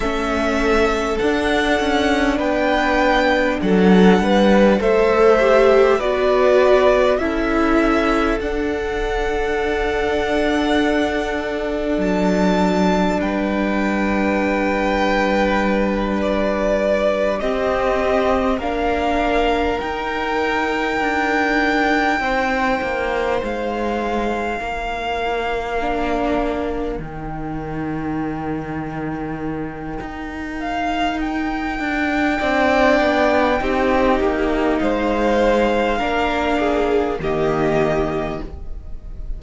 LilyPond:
<<
  \new Staff \with { instrumentName = "violin" } { \time 4/4 \tempo 4 = 50 e''4 fis''4 g''4 fis''4 | e''4 d''4 e''4 fis''4~ | fis''2 a''4 g''4~ | g''4. d''4 dis''4 f''8~ |
f''8 g''2. f''8~ | f''2~ f''8 g''4.~ | g''4. f''8 g''2~ | g''4 f''2 dis''4 | }
  \new Staff \with { instrumentName = "violin" } { \time 4/4 a'2 b'4 a'8 b'8 | c''4 b'4 a'2~ | a'2. b'4~ | b'2~ b'8 g'4 ais'8~ |
ais'2~ ais'8 c''4.~ | c''8 ais'2.~ ais'8~ | ais'2. d''4 | g'4 c''4 ais'8 gis'8 g'4 | }
  \new Staff \with { instrumentName = "viola" } { \time 4/4 cis'4 d'2. | a'8 g'8 fis'4 e'4 d'4~ | d'1~ | d'2~ d'8 c'4 d'8~ |
d'8 dis'2.~ dis'8~ | dis'4. d'4 dis'4.~ | dis'2. d'4 | dis'2 d'4 ais4 | }
  \new Staff \with { instrumentName = "cello" } { \time 4/4 a4 d'8 cis'8 b4 fis8 g8 | a4 b4 cis'4 d'4~ | d'2 fis4 g4~ | g2~ g8 c'4 ais8~ |
ais8 dis'4 d'4 c'8 ais8 gis8~ | gis8 ais2 dis4.~ | dis4 dis'4. d'8 c'8 b8 | c'8 ais8 gis4 ais4 dis4 | }
>>